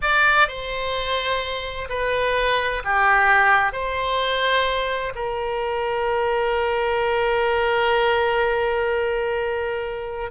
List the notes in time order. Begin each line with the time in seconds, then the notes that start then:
0.01 D5
0.47 C5
1.89 B4
2.84 G4
3.72 C5
5.15 A#4